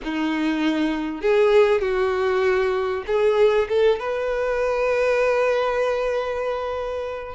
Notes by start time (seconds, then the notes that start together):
0.03 D#4
1.21 G#4
1.81 F#4
3.06 G#4
3.68 A4
3.99 B4